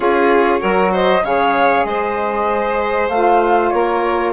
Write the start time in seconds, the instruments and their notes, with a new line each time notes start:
0.00 bassoon C#4, saxophone F4, violin G#4, flute C#5
0.59 bassoon F#3, saxophone F#4, violin A#4
0.92 violin C5, flute D#5
1.23 bassoon C#3, saxophone G#4, violin C#5, flute F5
1.84 bassoon G#3, violin C5, flute D#5
3.08 bassoon A3, saxophone F4, flute F5
3.69 bassoon A#3, violin A#4, flute C#5